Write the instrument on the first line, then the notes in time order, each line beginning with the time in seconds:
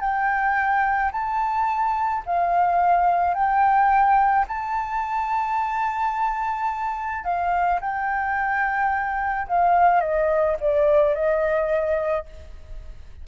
flute
0.00 G5
1.12 A5
2.26 F5
3.34 G5
4.47 A5
7.24 F5
7.81 G5
9.47 F5
10.00 D#5
10.60 D5
11.14 D#5